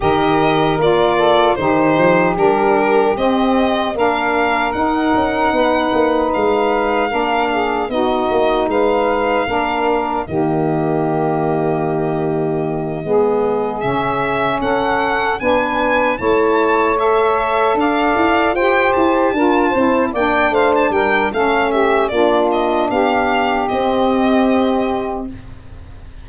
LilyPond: <<
  \new Staff \with { instrumentName = "violin" } { \time 4/4 \tempo 4 = 76 dis''4 d''4 c''4 ais'4 | dis''4 f''4 fis''2 | f''2 dis''4 f''4~ | f''4 dis''2.~ |
dis''4. e''4 fis''4 gis''8~ | gis''8 a''4 e''4 f''4 g''8 | a''4. g''8 f''16 a''16 g''8 f''8 e''8 | d''8 dis''8 f''4 dis''2 | }
  \new Staff \with { instrumentName = "saxophone" } { \time 4/4 ais'4. a'8 g'2~ | g'4 ais'2 b'4~ | b'4 ais'8 gis'8 fis'4 b'4 | ais'4 g'2.~ |
g'8 gis'2 a'4 b'8~ | b'8 cis''2 d''4 c''8~ | c''8 ais'8 c''8 d''8 c''8 ais'8 a'8 g'8 | f'4 g'2. | }
  \new Staff \with { instrumentName = "saxophone" } { \time 4/4 g'4 f'4 dis'4 d'4 | c'4 d'4 dis'2~ | dis'4 d'4 dis'2 | d'4 ais2.~ |
ais8 b4 cis'2 d'8~ | d'8 e'4 a'2 g'8~ | g'8 f'8 e'8 d'4. cis'4 | d'2 c'2 | }
  \new Staff \with { instrumentName = "tuba" } { \time 4/4 dis4 ais4 dis8 f8 g4 | c'4 ais4 dis'8 cis'8 b8 ais8 | gis4 ais4 b8 ais8 gis4 | ais4 dis2.~ |
dis8 gis4 cis4 cis'4 b8~ | b8 a2 d'8 e'8 f'8 | e'8 d'8 c'8 ais8 a8 g8 a4 | ais4 b4 c'2 | }
>>